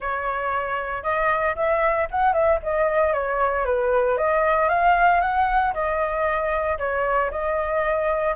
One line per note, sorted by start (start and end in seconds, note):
0.00 1.03 C#5
1.03 1.55 D#5
1.55 2.08 E5
2.10 2.33 F#5
2.33 2.59 E5
2.63 3.13 D#5
3.13 3.65 C#5
3.65 4.17 B4
4.17 4.68 D#5
4.68 5.21 F5
5.21 5.73 F#5
5.73 6.78 D#5
6.78 7.30 C#5
7.30 8.35 D#5